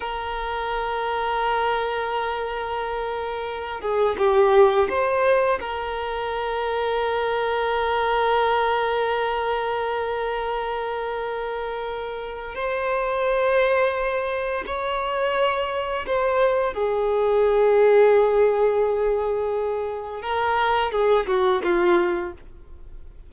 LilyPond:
\new Staff \with { instrumentName = "violin" } { \time 4/4 \tempo 4 = 86 ais'1~ | ais'4. gis'8 g'4 c''4 | ais'1~ | ais'1~ |
ais'2 c''2~ | c''4 cis''2 c''4 | gis'1~ | gis'4 ais'4 gis'8 fis'8 f'4 | }